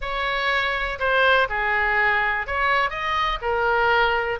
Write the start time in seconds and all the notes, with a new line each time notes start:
0.01 C#5
0.99 C5
1.49 G#4
2.46 C#5
2.90 D#5
3.41 A#4